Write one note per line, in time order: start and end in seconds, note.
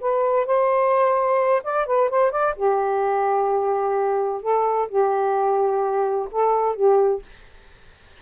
0.00 0.46 B4
0.46 1.62 C5
1.63 1.86 D5
1.86 2.09 B4
2.09 2.31 C5
2.31 2.54 D5
2.56 4.42 G4
4.42 4.88 A4
4.89 6.28 G4
6.31 6.75 A4
6.75 7.22 G4